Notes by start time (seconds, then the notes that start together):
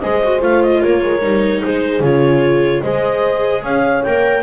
0.00 G#3 G#4 C5 D#5
0.23 F#4
0.40 A3 F4 F5
0.62 D#5
0.81 A#3 A#4 C#5
1.02 G#3
1.21 G3 D#4
1.63 G#3 G#4 C5
2.00 C#3 F4 C#5
2.82 G#3 G#4 C5 D#5
3.63 C#4 C#5 F5
4.03 A#3 A#4 G5